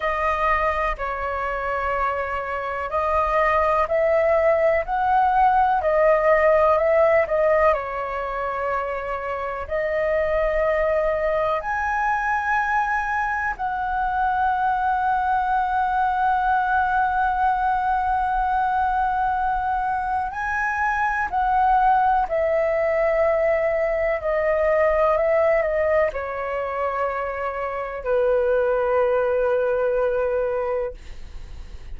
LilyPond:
\new Staff \with { instrumentName = "flute" } { \time 4/4 \tempo 4 = 62 dis''4 cis''2 dis''4 | e''4 fis''4 dis''4 e''8 dis''8 | cis''2 dis''2 | gis''2 fis''2~ |
fis''1~ | fis''4 gis''4 fis''4 e''4~ | e''4 dis''4 e''8 dis''8 cis''4~ | cis''4 b'2. | }